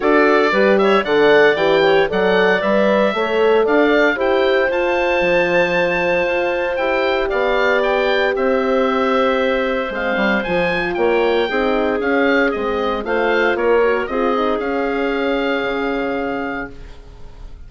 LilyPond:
<<
  \new Staff \with { instrumentName = "oboe" } { \time 4/4 \tempo 4 = 115 d''4. e''8 fis''4 g''4 | fis''4 e''2 f''4 | g''4 a''2.~ | a''4 g''4 f''4 g''4 |
e''2. f''4 | gis''4 g''2 f''4 | dis''4 f''4 cis''4 dis''4 | f''1 | }
  \new Staff \with { instrumentName = "clarinet" } { \time 4/4 a'4 b'8 cis''8 d''4. cis''8 | d''2 cis''4 d''4 | c''1~ | c''2 d''2 |
c''1~ | c''4 cis''4 gis'2~ | gis'4 c''4 ais'4 gis'4~ | gis'1 | }
  \new Staff \with { instrumentName = "horn" } { \time 4/4 fis'4 g'4 a'4 g'4 | a'4 b'4 a'2 | g'4 f'2.~ | f'4 g'2.~ |
g'2. c'4 | f'2 dis'4 cis'4 | c'4 f'4. fis'8 f'8 dis'8 | cis'1 | }
  \new Staff \with { instrumentName = "bassoon" } { \time 4/4 d'4 g4 d4 e4 | fis4 g4 a4 d'4 | e'4 f'4 f2 | f'4 e'4 b2 |
c'2. gis8 g8 | f4 ais4 c'4 cis'4 | gis4 a4 ais4 c'4 | cis'2 cis2 | }
>>